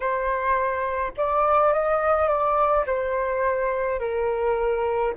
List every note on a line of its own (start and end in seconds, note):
0.00 1.12 C5
1.17 1.72 D5
1.72 2.28 D#5
2.28 2.85 D5
2.86 3.99 C5
3.99 5.14 A#4